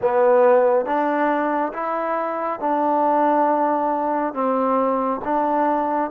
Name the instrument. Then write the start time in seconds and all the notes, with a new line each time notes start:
trombone
0.01 B3
0.85 D4
1.73 E4
2.60 D4
4.33 C4
5.24 D4